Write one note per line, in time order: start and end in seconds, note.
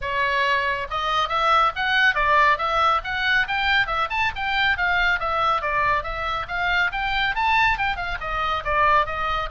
0.01 0.87 C#5
0.90 1.28 D#5
1.28 1.71 E5
1.75 2.15 F#5
2.15 2.58 D5
2.58 3.01 E5
3.04 3.47 F#5
3.47 3.86 G5
3.86 4.08 E5
4.09 4.31 A5
4.35 4.77 G5
4.77 5.19 F5
5.19 5.61 E5
5.61 6.03 D5
6.03 6.46 E5
6.47 6.91 F5
6.92 7.35 G5
7.35 7.77 A5
7.77 7.96 G5
7.96 8.18 F5
8.20 8.63 D#5
8.64 9.05 D5
9.05 9.49 D#5